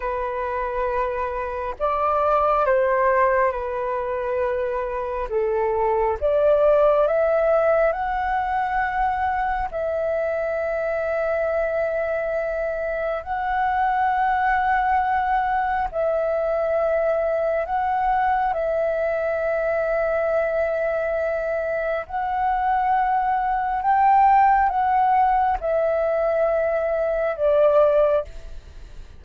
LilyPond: \new Staff \with { instrumentName = "flute" } { \time 4/4 \tempo 4 = 68 b'2 d''4 c''4 | b'2 a'4 d''4 | e''4 fis''2 e''4~ | e''2. fis''4~ |
fis''2 e''2 | fis''4 e''2.~ | e''4 fis''2 g''4 | fis''4 e''2 d''4 | }